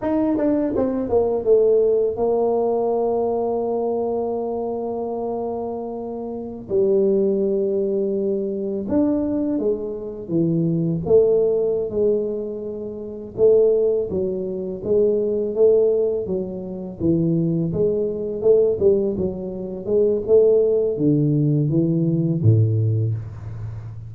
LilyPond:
\new Staff \with { instrumentName = "tuba" } { \time 4/4 \tempo 4 = 83 dis'8 d'8 c'8 ais8 a4 ais4~ | ais1~ | ais4~ ais16 g2~ g8.~ | g16 d'4 gis4 e4 a8.~ |
a8 gis2 a4 fis8~ | fis8 gis4 a4 fis4 e8~ | e8 gis4 a8 g8 fis4 gis8 | a4 d4 e4 a,4 | }